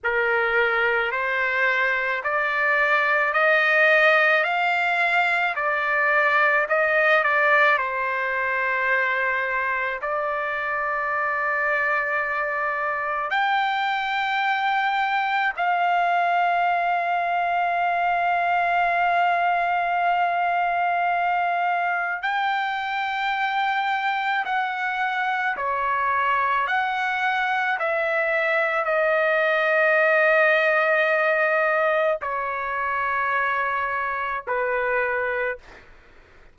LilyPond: \new Staff \with { instrumentName = "trumpet" } { \time 4/4 \tempo 4 = 54 ais'4 c''4 d''4 dis''4 | f''4 d''4 dis''8 d''8 c''4~ | c''4 d''2. | g''2 f''2~ |
f''1 | g''2 fis''4 cis''4 | fis''4 e''4 dis''2~ | dis''4 cis''2 b'4 | }